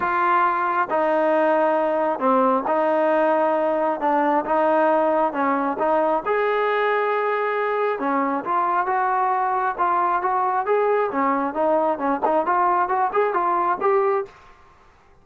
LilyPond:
\new Staff \with { instrumentName = "trombone" } { \time 4/4 \tempo 4 = 135 f'2 dis'2~ | dis'4 c'4 dis'2~ | dis'4 d'4 dis'2 | cis'4 dis'4 gis'2~ |
gis'2 cis'4 f'4 | fis'2 f'4 fis'4 | gis'4 cis'4 dis'4 cis'8 dis'8 | f'4 fis'8 gis'8 f'4 g'4 | }